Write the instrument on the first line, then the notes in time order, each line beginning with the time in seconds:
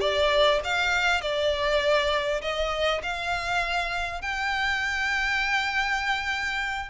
violin
0.00 D5
0.64 F5
1.21 D5
2.41 D#5
3.03 F5
4.21 G5